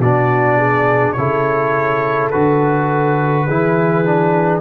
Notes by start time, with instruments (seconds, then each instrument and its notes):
0.00 tuba B2, trombone D4, horn F#4, trumpet D5
0.57 horn G#4
1.13 tuba C#3, trombone E4, trumpet C#5
1.19 horn A4
2.31 tuba D3, trombone F#4, trumpet B4
3.46 tuba E3, trombone E4, horn G#4
4.05 trombone D4